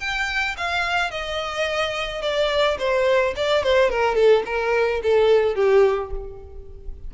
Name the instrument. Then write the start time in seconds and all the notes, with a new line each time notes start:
violin
0.00 G5
0.57 F5
1.11 D#5
2.22 D5
2.79 C5
3.36 D5
3.63 C5
3.90 A#4
4.15 A4
4.46 A#4
5.03 A4
5.55 G4